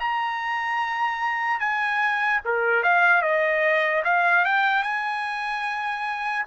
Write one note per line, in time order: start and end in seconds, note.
0.00 1.60 A#5
1.60 2.41 G#5
2.45 2.83 A#4
2.83 3.22 F5
3.22 4.03 D#5
4.05 4.45 F5
4.46 4.84 G5
4.84 6.46 G#5